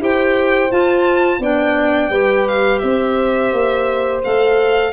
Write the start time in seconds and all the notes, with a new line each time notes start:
0.00 E4 G4 C5 G5
0.70 F4 A5
1.39 B3 D4 D5 G5
2.10 G3 G4 B4
2.48 F5
2.78 C4 C5 E5
3.52 A#3
4.24 A3 A4 F5